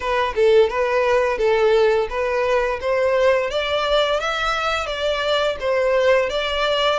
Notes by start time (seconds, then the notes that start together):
0.00 B4
0.35 A4
0.69 B4
1.38 A4
2.09 B4
2.80 C5
3.50 D5
4.20 E5
4.86 D5
5.60 C5
6.29 D5